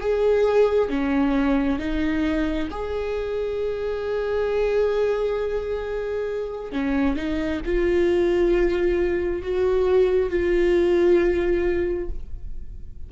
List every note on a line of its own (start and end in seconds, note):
0.00 0.90 G#4
0.90 1.79 C#4
1.79 2.68 D#4
2.71 6.72 G#4
6.72 7.16 C#4
7.16 7.61 D#4
7.65 9.42 F4
9.42 10.30 F#4
10.30 12.09 F4